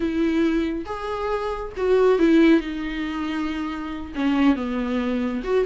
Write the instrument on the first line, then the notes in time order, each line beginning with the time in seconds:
viola
0.00 E4
0.85 G#4
1.76 F#4
2.18 E4
2.60 D#4
4.15 C#4
4.55 B3
5.43 F#4